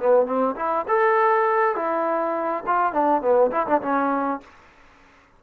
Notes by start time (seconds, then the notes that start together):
0.00 B3
0.26 C4
0.57 E4
0.88 A4
1.76 E4
2.67 F4
2.93 D4
3.22 B3
3.52 E4
3.67 D4
3.82 C#4